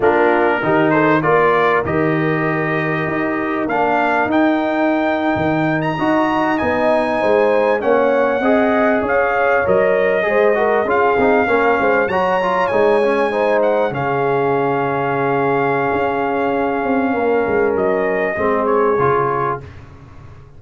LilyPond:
<<
  \new Staff \with { instrumentName = "trumpet" } { \time 4/4 \tempo 4 = 98 ais'4. c''8 d''4 dis''4~ | dis''2 f''4 g''4~ | g''4. ais''4~ ais''16 gis''4~ gis''16~ | gis''8. fis''2 f''4 dis''16~ |
dis''4.~ dis''16 f''2 ais''16~ | ais''8. gis''4. fis''8 f''4~ f''16~ | f''1~ | f''4 dis''4. cis''4. | }
  \new Staff \with { instrumentName = "horn" } { \time 4/4 f'4 g'8 a'8 ais'2~ | ais'1~ | ais'4.~ ais'16 dis''2 c''16~ | c''8. cis''4 dis''4 cis''4~ cis''16~ |
cis''8. c''8 ais'8 gis'4 ais'8 c''8 cis''16~ | cis''4.~ cis''16 c''4 gis'4~ gis'16~ | gis'1 | ais'2 gis'2 | }
  \new Staff \with { instrumentName = "trombone" } { \time 4/4 d'4 dis'4 f'4 g'4~ | g'2 d'4 dis'4~ | dis'4.~ dis'16 fis'4 dis'4~ dis'16~ | dis'8. cis'4 gis'2 ais'16~ |
ais'8. gis'8 fis'8 f'8 dis'8 cis'4 fis'16~ | fis'16 f'8 dis'8 cis'8 dis'4 cis'4~ cis'16~ | cis'1~ | cis'2 c'4 f'4 | }
  \new Staff \with { instrumentName = "tuba" } { \time 4/4 ais4 dis4 ais4 dis4~ | dis4 dis'4 ais4 dis'4~ | dis'8. dis4 dis'4 b4 gis16~ | gis8. ais4 c'4 cis'4 fis16~ |
fis8. gis4 cis'8 c'8 ais8 gis8 fis16~ | fis8. gis2 cis4~ cis16~ | cis2 cis'4. c'8 | ais8 gis8 fis4 gis4 cis4 | }
>>